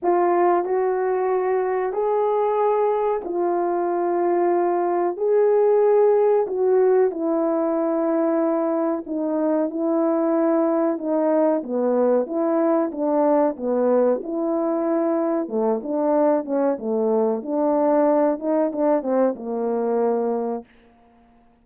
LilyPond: \new Staff \with { instrumentName = "horn" } { \time 4/4 \tempo 4 = 93 f'4 fis'2 gis'4~ | gis'4 f'2. | gis'2 fis'4 e'4~ | e'2 dis'4 e'4~ |
e'4 dis'4 b4 e'4 | d'4 b4 e'2 | a8 d'4 cis'8 a4 d'4~ | d'8 dis'8 d'8 c'8 ais2 | }